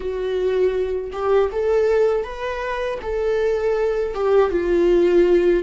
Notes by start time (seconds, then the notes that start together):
0.00 F#4
1.12 G4
1.52 A4
2.24 B4
3.02 A4
4.14 G4
4.50 F4